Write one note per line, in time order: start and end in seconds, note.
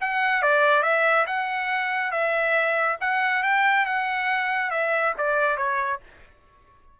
0.00 0.42 F#5
0.42 0.82 D5
0.82 1.25 E5
1.26 2.11 F#5
2.11 2.97 E5
3.00 3.43 F#5
3.43 3.86 G5
3.86 4.70 F#5
4.70 5.13 E5
5.17 5.57 D5
5.57 5.99 C#5